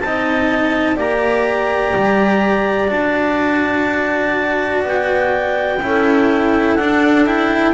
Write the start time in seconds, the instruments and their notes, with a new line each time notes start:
0.00 double bass C4, cello D#4, clarinet D#5 A5
0.96 double bass A#3, cello G4, clarinet D5 A#5
1.95 double bass G3
2.88 double bass D4, cello F#4, clarinet A5
4.84 double bass B3, clarinet G5
5.81 double bass C#4, cello E4, clarinet A4
6.76 double bass D4, cello D4, clarinet F#5
7.26 cello E4, clarinet G5